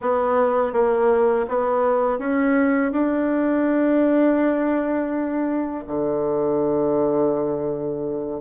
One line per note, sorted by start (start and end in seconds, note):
0.01 0.72 B3
0.72 1.45 A#3
1.48 2.18 B3
2.18 2.91 C#4
2.91 5.84 D4
5.87 8.40 D3